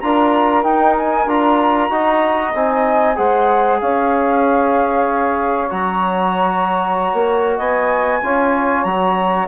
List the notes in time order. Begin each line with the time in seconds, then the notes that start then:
0.00 D4 F4 A#4 A#5
0.63 D#4 G5
0.97 G#5
1.26 D4 F4 A#5
1.90 D#4 F#4 D#5
2.54 C4 D#4 G#5
3.15 G#3 G#4 C5 F#5
3.80 C#4 C#5 F5
5.69 F#3 F#4 A#5
7.13 A#3
7.57 B3 D#5 G#5
8.23 C#4 F4 C#5
8.83 F#3 F#4 A#5